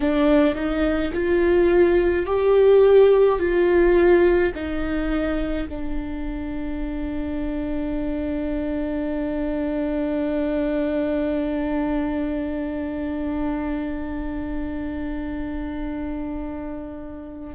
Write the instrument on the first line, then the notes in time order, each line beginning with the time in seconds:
viola
0.00 D4
0.55 D#4
1.13 F4
2.26 G4
3.39 F4
4.54 D#4
5.69 D4